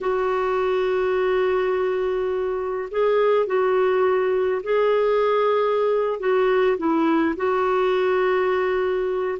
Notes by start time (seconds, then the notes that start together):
0.00 F#4
2.90 G#4
3.46 F#4
4.63 G#4
6.19 F#4
6.77 E4
7.36 F#4